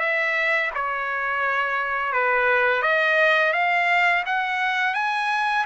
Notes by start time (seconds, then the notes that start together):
0.00 E5
0.75 C#5
2.13 B4
2.82 D#5
3.53 F5
4.26 F#5
4.94 G#5